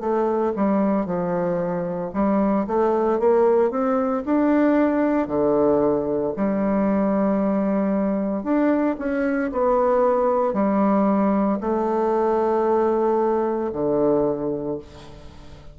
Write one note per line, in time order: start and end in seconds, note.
0.00 0.53 A3
0.56 1.06 G3
1.06 2.11 F3
2.13 2.66 G3
2.67 3.19 A3
3.19 3.70 A#3
3.70 4.23 C4
4.25 5.27 D4
5.27 6.33 D3
6.36 8.43 G3
8.43 8.96 D4
8.98 9.51 C#4
9.52 10.53 B3
10.53 11.58 G3
11.60 13.71 A3
13.73 14.78 D3